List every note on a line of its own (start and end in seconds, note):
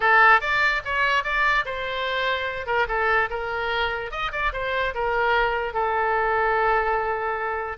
0.00 0.40 A4
0.40 0.81 D5
0.84 1.23 C#5
1.23 1.64 D5
1.65 2.66 C5
2.66 2.87 A#4
2.88 3.29 A4
3.30 4.11 A#4
4.11 4.31 D#5
4.32 4.52 D5
4.52 4.94 C5
4.94 5.73 A#4
5.73 7.77 A4